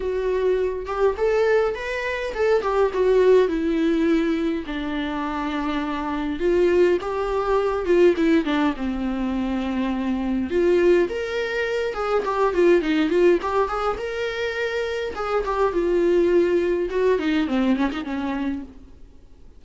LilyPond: \new Staff \with { instrumentName = "viola" } { \time 4/4 \tempo 4 = 103 fis'4. g'8 a'4 b'4 | a'8 g'8 fis'4 e'2 | d'2. f'4 | g'4. f'8 e'8 d'8 c'4~ |
c'2 f'4 ais'4~ | ais'8 gis'8 g'8 f'8 dis'8 f'8 g'8 gis'8 | ais'2 gis'8 g'8 f'4~ | f'4 fis'8 dis'8 c'8 cis'16 dis'16 cis'4 | }